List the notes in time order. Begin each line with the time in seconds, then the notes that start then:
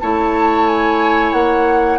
0.00 A3 E4 C#5 A5
0.67 G#5
1.32 A#3 F#5